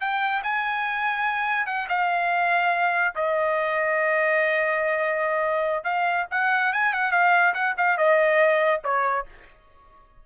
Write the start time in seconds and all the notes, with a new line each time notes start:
0.00 G5
0.43 G#5
1.66 F#5
1.88 F5
3.15 D#5
5.84 F5
6.31 F#5
6.72 G#5
6.93 F#5
7.11 F5
7.54 F#5
7.77 F5
7.97 D#5
8.84 C#5